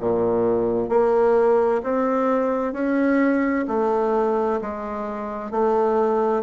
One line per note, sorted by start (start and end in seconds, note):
0.00 0.89 A#2
0.89 1.81 A#3
1.83 2.73 C4
2.73 3.65 C#4
3.68 4.60 A3
4.61 5.51 G#3
5.51 6.43 A3